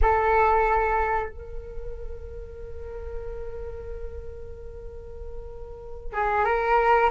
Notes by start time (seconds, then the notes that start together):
0.01 A4
1.29 A#4
6.12 G#4
6.45 A#4